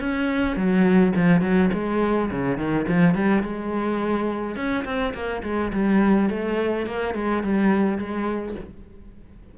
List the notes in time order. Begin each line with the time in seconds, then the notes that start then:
0.00 C#4
0.56 F#3
1.16 F3
1.41 F#3
1.74 G#3
2.31 C#3
2.58 D#3
2.88 F3
3.15 G3
3.43 G#3
4.56 C#4
4.85 C4
5.14 A#3
5.43 G#3
5.73 G3
6.30 A3
6.86 A#3
7.15 G#3
7.43 G3
7.98 G#3